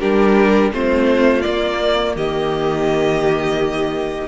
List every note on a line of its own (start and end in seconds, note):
0.00 0.73 G3
0.00 0.73 D4
0.00 0.71 G4
0.00 0.72 A#4
0.73 1.45 A3
0.73 1.43 C4
0.73 2.16 F4
0.73 1.43 C5
1.43 4.28 A#3
1.43 2.16 A#3
1.43 2.14 D5
2.16 4.28 D#3
2.16 4.28 G4
2.16 4.28 D#5